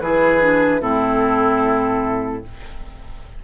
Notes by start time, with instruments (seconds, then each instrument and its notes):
0.00 bassoon E3, clarinet E4, oboe G#4, flute B4
0.40 clarinet D4
0.80 bassoon A2, clarinet C4, oboe E4, flute A4